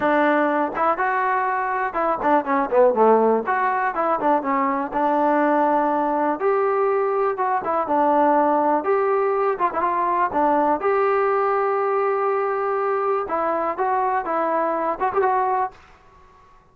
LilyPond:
\new Staff \with { instrumentName = "trombone" } { \time 4/4 \tempo 4 = 122 d'4. e'8 fis'2 | e'8 d'8 cis'8 b8 a4 fis'4 | e'8 d'8 cis'4 d'2~ | d'4 g'2 fis'8 e'8 |
d'2 g'4. f'16 e'16 | f'4 d'4 g'2~ | g'2. e'4 | fis'4 e'4. fis'16 g'16 fis'4 | }